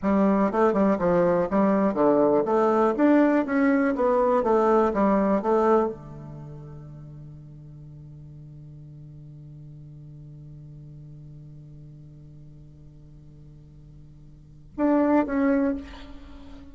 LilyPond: \new Staff \with { instrumentName = "bassoon" } { \time 4/4 \tempo 4 = 122 g4 a8 g8 f4 g4 | d4 a4 d'4 cis'4 | b4 a4 g4 a4 | d1~ |
d1~ | d1~ | d1~ | d2 d'4 cis'4 | }